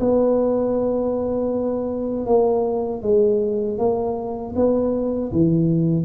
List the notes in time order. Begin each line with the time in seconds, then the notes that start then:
0.00 B3
2.26 A#3
3.02 G#3
3.78 A#3
4.56 B3
5.32 E3